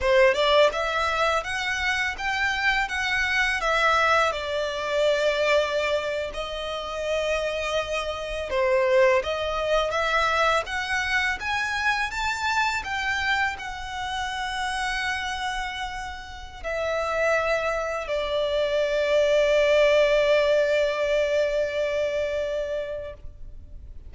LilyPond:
\new Staff \with { instrumentName = "violin" } { \time 4/4 \tempo 4 = 83 c''8 d''8 e''4 fis''4 g''4 | fis''4 e''4 d''2~ | d''8. dis''2. c''16~ | c''8. dis''4 e''4 fis''4 gis''16~ |
gis''8. a''4 g''4 fis''4~ fis''16~ | fis''2. e''4~ | e''4 d''2.~ | d''1 | }